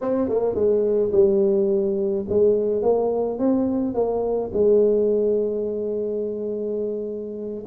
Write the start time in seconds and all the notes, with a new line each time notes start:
0.01 C4
0.29 A#3
0.54 G#3
1.12 G3
2.29 G#3
2.82 A#3
3.38 C4
3.94 A#3
4.53 G#3